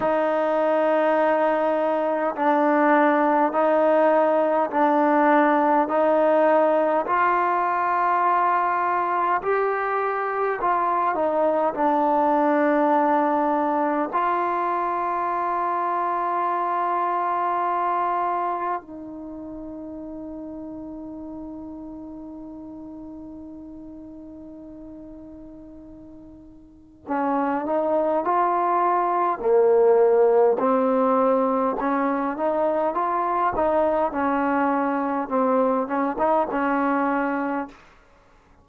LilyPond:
\new Staff \with { instrumentName = "trombone" } { \time 4/4 \tempo 4 = 51 dis'2 d'4 dis'4 | d'4 dis'4 f'2 | g'4 f'8 dis'8 d'2 | f'1 |
dis'1~ | dis'2. cis'8 dis'8 | f'4 ais4 c'4 cis'8 dis'8 | f'8 dis'8 cis'4 c'8 cis'16 dis'16 cis'4 | }